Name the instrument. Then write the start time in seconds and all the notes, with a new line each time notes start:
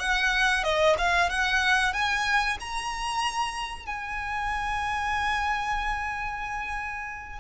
violin
0.00 F#5
0.64 D#5
0.98 F5
1.30 F#5
1.94 G#5
2.60 A#5
3.86 G#5